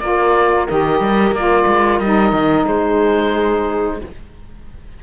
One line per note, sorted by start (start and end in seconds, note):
0.00 0.68 A#3
0.00 0.68 F4
0.00 2.66 A#4
0.00 0.67 D5
0.69 1.01 D#3
0.69 1.36 G4
0.69 1.35 D#5
1.01 1.31 G3
1.31 1.65 A#3
1.31 2.03 F4
1.31 2.00 D5
1.67 2.00 G#3
2.00 2.33 G3
2.00 4.03 D#4
2.00 2.67 D#5
2.33 2.66 D#3
2.66 4.02 G#3
2.66 3.99 G#4
2.66 4.01 C5